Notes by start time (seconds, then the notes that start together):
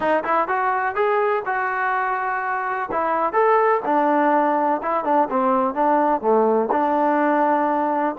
0.00 D#4
0.24 E4
0.48 F#4
0.95 G#4
1.45 F#4
2.91 E4
3.33 A4
3.85 D4
4.82 E4
5.04 D4
5.30 C4
5.74 D4
6.21 A3
6.71 D4